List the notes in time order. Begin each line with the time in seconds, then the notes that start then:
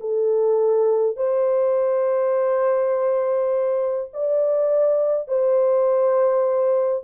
0.00 A4
1.16 C5
4.13 D5
5.28 C5